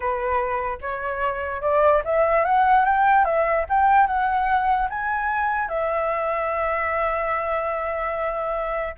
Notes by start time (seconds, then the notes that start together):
0.00 B4
0.81 C#5
1.61 D5
2.04 E5
2.44 F#5
2.85 G5
3.24 E5
3.69 G5
4.06 F#5
4.89 G#5
5.68 E5